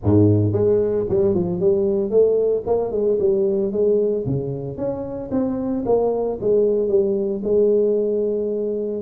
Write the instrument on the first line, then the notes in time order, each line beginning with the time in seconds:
tuba
0.03 G#2
0.52 G#3
1.09 G3
1.34 F3
1.60 G3
2.10 A3
2.66 A#3
2.91 G#3
3.19 G3
3.71 G#3
4.26 C#3
4.77 C#4
5.31 C4
5.86 A#3
6.41 G#3
6.88 G3
7.43 G#3